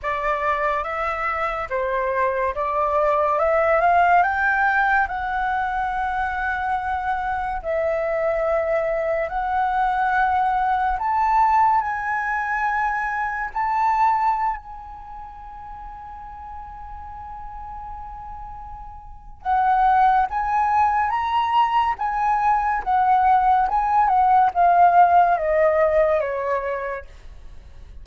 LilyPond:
\new Staff \with { instrumentName = "flute" } { \time 4/4 \tempo 4 = 71 d''4 e''4 c''4 d''4 | e''8 f''8 g''4 fis''2~ | fis''4 e''2 fis''4~ | fis''4 a''4 gis''2 |
a''4~ a''16 gis''2~ gis''8.~ | gis''2. fis''4 | gis''4 ais''4 gis''4 fis''4 | gis''8 fis''8 f''4 dis''4 cis''4 | }